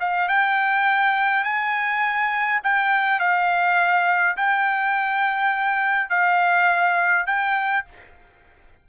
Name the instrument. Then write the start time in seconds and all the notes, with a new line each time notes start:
trumpet
0.00 F5
0.28 G5
1.44 G#5
2.63 G5
3.20 F5
4.37 G5
6.10 F5
7.27 G5